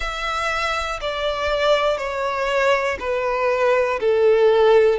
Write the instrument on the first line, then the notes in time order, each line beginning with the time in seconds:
violin
0.00 E5
1.00 D5
1.97 C#5
3.00 B4
4.00 A4